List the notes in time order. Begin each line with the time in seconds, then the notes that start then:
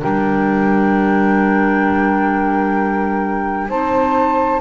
0.00 G3 D4 A#4 G5
3.68 C4 D#4 C5 A5